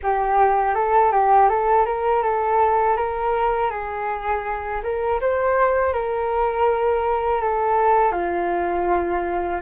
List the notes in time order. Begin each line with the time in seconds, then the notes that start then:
0.02 G4
0.74 A4
1.11 G4
1.48 A4
1.85 A#4
2.22 A4
2.96 A#4
3.70 G#4
4.83 A#4
5.21 C5
5.93 A#4
7.41 A4
8.12 F4